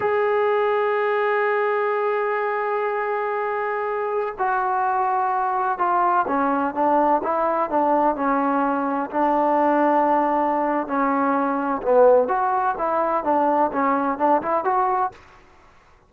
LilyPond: \new Staff \with { instrumentName = "trombone" } { \time 4/4 \tempo 4 = 127 gis'1~ | gis'1~ | gis'4~ gis'16 fis'2~ fis'8.~ | fis'16 f'4 cis'4 d'4 e'8.~ |
e'16 d'4 cis'2 d'8.~ | d'2. cis'4~ | cis'4 b4 fis'4 e'4 | d'4 cis'4 d'8 e'8 fis'4 | }